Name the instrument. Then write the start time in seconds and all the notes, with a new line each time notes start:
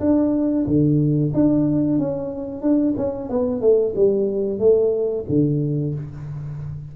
tuba
0.00 D4
0.67 D3
1.34 D4
1.99 C#4
2.62 D4
2.97 C#4
3.30 B3
3.61 A3
3.96 G3
4.59 A3
5.29 D3